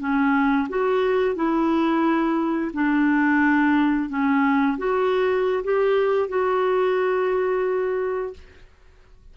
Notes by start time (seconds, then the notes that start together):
0.00 C#4
0.69 F#4
1.35 E4
2.74 D4
4.10 C#4
4.78 F#4
5.64 G4
6.29 F#4